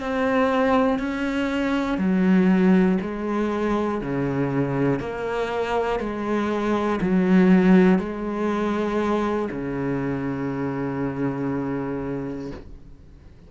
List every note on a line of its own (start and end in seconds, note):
0.00 0.99 C4
0.99 1.98 C#4
1.98 2.98 F#3
3.00 4.00 G#3
4.00 4.99 C#3
4.99 5.99 A#3
5.99 6.99 G#3
7.01 7.98 F#3
7.98 9.48 G#3
9.51 12.51 C#3